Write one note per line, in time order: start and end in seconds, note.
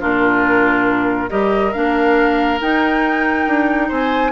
0.00 1.31 A#2
0.00 1.29 D4
0.00 1.29 F4
0.00 1.30 A#4
1.29 1.75 G3
1.29 1.72 G4
1.29 3.88 A#4
1.29 1.73 D#5
1.73 2.61 A#3
1.73 2.60 D4
1.73 2.59 F5
2.61 4.32 D#4
2.61 3.47 D#4
2.61 3.91 G5
3.47 3.90 D4
3.88 4.32 C4
3.88 4.31 C5
3.88 4.32 G#5